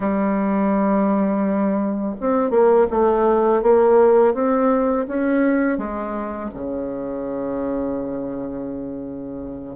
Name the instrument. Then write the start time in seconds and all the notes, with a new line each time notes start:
bassoon
0.00 G3
2.20 C4
2.50 A#3
2.90 A3
3.62 A#3
4.34 C4
5.07 C#4
5.77 G#3
6.54 C#3